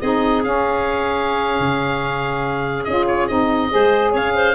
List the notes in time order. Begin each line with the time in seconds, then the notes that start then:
0.00 C4 D#4 G#4 D#5
0.44 C#4 F5
1.59 C#3
2.84 C#4 F4 D#5
3.07 C#5
3.27 C4 D#4 D#5
3.70 G#3 G#4 C5
4.11 C#4 C#5 F5
4.35 C5